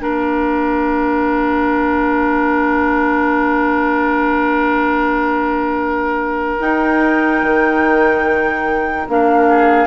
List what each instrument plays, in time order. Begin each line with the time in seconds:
0.00 bassoon A#3, clarinet D4, oboe A#4, flute F5
6.60 clarinet D#4, bassoon D#4, flute G5
7.43 bassoon D#3
9.08 bassoon A#3, clarinet D4, flute F5
9.49 oboe G#4